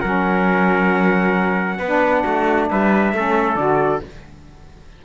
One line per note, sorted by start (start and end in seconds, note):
0.00 1.78 F#3
0.00 1.81 C#4
0.00 1.78 A#4
0.00 2.67 F#5
1.78 2.23 B3
1.78 2.23 B4
1.85 3.15 D4
2.24 2.70 A3
2.24 2.68 F#4
2.70 3.12 G3
2.70 3.15 B4
2.70 3.55 E5
3.12 3.55 A3
3.12 3.57 C#4
3.12 4.04 A4
3.55 4.00 D3
3.55 4.02 F#4
3.55 4.00 D5